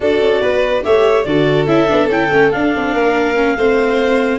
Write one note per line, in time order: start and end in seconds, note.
0.00 0.20 D4
0.00 0.83 F#4
0.00 0.41 A4
0.00 0.84 D5
0.20 0.41 C#4
0.41 0.84 B3
0.41 0.83 B4
0.83 1.25 A3
0.83 1.25 G4
0.83 1.27 C#5
0.83 1.23 E5
1.23 1.67 D3
1.23 1.67 F#4
1.23 2.93 A4
1.23 1.65 D5
1.67 1.88 C#4
1.67 1.87 E4
1.67 2.08 E5
1.87 2.08 B3
1.87 2.08 D4
2.08 2.29 C#4
2.08 2.30 E4
2.08 2.51 G5
2.30 2.52 A3
2.30 2.51 C#4
2.51 3.34 D4
2.51 2.75 D4
2.51 4.38 F5
2.75 2.93 C4
2.93 3.56 A#3
2.93 3.56 A#4
3.34 3.55 C#4
3.56 4.38 A3
3.56 4.38 C4
3.56 4.38 C5